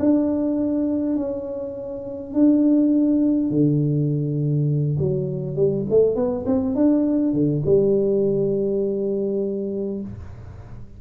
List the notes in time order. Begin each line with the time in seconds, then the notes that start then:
0.00 D4
1.17 C#4
2.34 D4
3.51 D3
4.99 F#3
5.56 G3
5.90 A3
6.16 B3
6.46 C4
6.76 D4
7.33 D3
7.66 G3